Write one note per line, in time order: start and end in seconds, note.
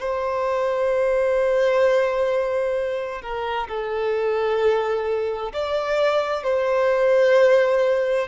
0.00 3.22 C5
3.22 3.68 A#4
3.68 5.53 A4
5.53 6.44 D5
6.44 8.28 C5